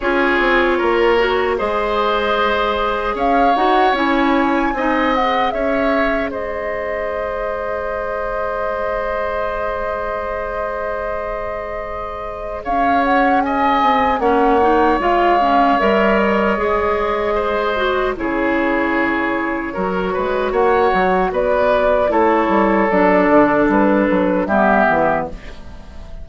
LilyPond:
<<
  \new Staff \with { instrumentName = "flute" } { \time 4/4 \tempo 4 = 76 cis''2 dis''2 | f''8 fis''8 gis''4. fis''8 e''4 | dis''1~ | dis''1 |
f''8 fis''8 gis''4 fis''4 f''4 | e''8 dis''2~ dis''8 cis''4~ | cis''2 fis''4 d''4 | cis''4 d''4 b'4 e''4 | }
  \new Staff \with { instrumentName = "oboe" } { \time 4/4 gis'4 ais'4 c''2 | cis''2 dis''4 cis''4 | c''1~ | c''1 |
cis''4 dis''4 cis''2~ | cis''2 c''4 gis'4~ | gis'4 ais'8 b'8 cis''4 b'4 | a'2. g'4 | }
  \new Staff \with { instrumentName = "clarinet" } { \time 4/4 f'4. fis'8 gis'2~ | gis'8 fis'8 e'4 dis'8 gis'4.~ | gis'1~ | gis'1~ |
gis'2 cis'8 dis'8 f'8 cis'8 | ais'4 gis'4. fis'8 e'4~ | e'4 fis'2. | e'4 d'2 b4 | }
  \new Staff \with { instrumentName = "bassoon" } { \time 4/4 cis'8 c'8 ais4 gis2 | cis'8 dis'8 cis'4 c'4 cis'4 | gis1~ | gis1 |
cis'4. c'8 ais4 gis4 | g4 gis2 cis4~ | cis4 fis8 gis8 ais8 fis8 b4 | a8 g8 fis8 d8 g8 fis8 g8 e8 | }
>>